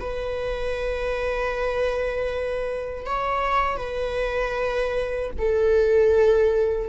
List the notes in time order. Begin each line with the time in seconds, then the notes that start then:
0.00 B4
3.06 C#5
3.77 B4
5.38 A4